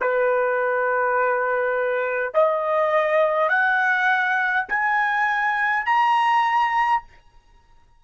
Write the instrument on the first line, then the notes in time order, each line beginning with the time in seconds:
trumpet
0.00 B4
2.33 D#5
3.49 F#5
4.68 G#5
5.85 A#5